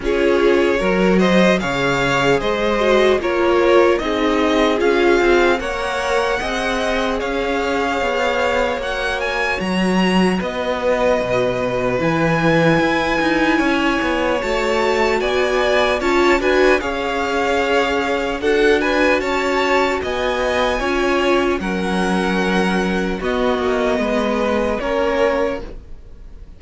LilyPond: <<
  \new Staff \with { instrumentName = "violin" } { \time 4/4 \tempo 4 = 75 cis''4. dis''8 f''4 dis''4 | cis''4 dis''4 f''4 fis''4~ | fis''4 f''2 fis''8 gis''8 | ais''4 dis''2 gis''4~ |
gis''2 a''4 gis''4 | a''8 gis''8 f''2 fis''8 gis''8 | a''4 gis''2 fis''4~ | fis''4 dis''2 cis''4 | }
  \new Staff \with { instrumentName = "violin" } { \time 4/4 gis'4 ais'8 c''8 cis''4 c''4 | ais'4 gis'2 cis''4 | dis''4 cis''2.~ | cis''4 b'2.~ |
b'4 cis''2 d''4 | cis''8 b'8 cis''2 a'8 b'8 | cis''4 dis''4 cis''4 ais'4~ | ais'4 fis'4 b'4 ais'4 | }
  \new Staff \with { instrumentName = "viola" } { \time 4/4 f'4 fis'4 gis'4. fis'8 | f'4 dis'4 f'4 ais'4 | gis'2. fis'4~ | fis'2. e'4~ |
e'2 fis'2 | f'8 fis'8 gis'2 fis'4~ | fis'2 f'4 cis'4~ | cis'4 b2 cis'4 | }
  \new Staff \with { instrumentName = "cello" } { \time 4/4 cis'4 fis4 cis4 gis4 | ais4 c'4 cis'8 c'8 ais4 | c'4 cis'4 b4 ais4 | fis4 b4 b,4 e4 |
e'8 dis'8 cis'8 b8 a4 b4 | cis'8 d'8 cis'2 d'4 | cis'4 b4 cis'4 fis4~ | fis4 b8 ais8 gis4 ais4 | }
>>